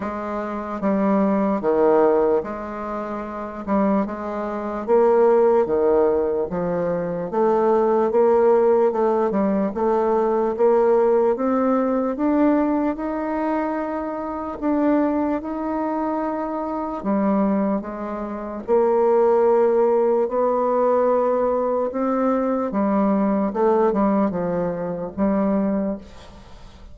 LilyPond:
\new Staff \with { instrumentName = "bassoon" } { \time 4/4 \tempo 4 = 74 gis4 g4 dis4 gis4~ | gis8 g8 gis4 ais4 dis4 | f4 a4 ais4 a8 g8 | a4 ais4 c'4 d'4 |
dis'2 d'4 dis'4~ | dis'4 g4 gis4 ais4~ | ais4 b2 c'4 | g4 a8 g8 f4 g4 | }